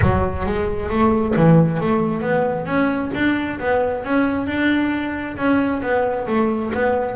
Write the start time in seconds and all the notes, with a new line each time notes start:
0.01 F#3
0.45 G#3
0.89 A3
1.36 E3
1.80 A3
2.21 B3
2.66 C#4
3.14 D4
3.59 B3
4.04 C#4
4.47 D4
5.36 C#4
5.82 B3
6.27 A3
6.74 B3